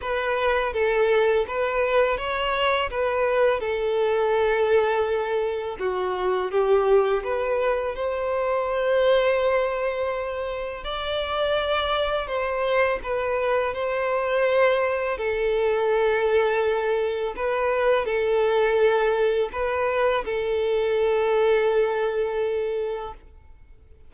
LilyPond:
\new Staff \with { instrumentName = "violin" } { \time 4/4 \tempo 4 = 83 b'4 a'4 b'4 cis''4 | b'4 a'2. | fis'4 g'4 b'4 c''4~ | c''2. d''4~ |
d''4 c''4 b'4 c''4~ | c''4 a'2. | b'4 a'2 b'4 | a'1 | }